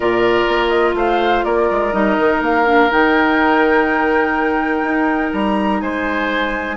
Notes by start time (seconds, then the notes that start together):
0.00 A#2 F4 A#4 D5
0.47 A#3
0.68 D#5
0.94 A3 C5 F5
1.44 A#3 A#4 D5
1.70 G#3
1.92 G3 D#4 D#5
2.18 D#3
2.41 A#3 F5
2.65 D4
2.89 D#3 D#4 G5
4.82 D#4
5.33 G3 A#5
5.80 G#3 C5 G#5